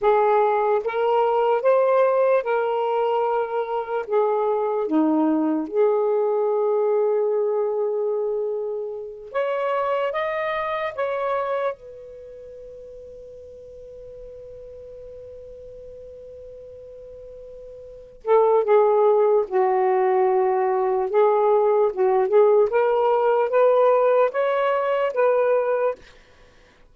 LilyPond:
\new Staff \with { instrumentName = "saxophone" } { \time 4/4 \tempo 4 = 74 gis'4 ais'4 c''4 ais'4~ | ais'4 gis'4 dis'4 gis'4~ | gis'2.~ gis'8 cis''8~ | cis''8 dis''4 cis''4 b'4.~ |
b'1~ | b'2~ b'8 a'8 gis'4 | fis'2 gis'4 fis'8 gis'8 | ais'4 b'4 cis''4 b'4 | }